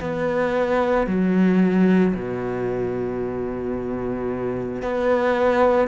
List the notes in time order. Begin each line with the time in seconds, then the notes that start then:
0.00 B3
1.07 F#3
2.14 B2
4.82 B3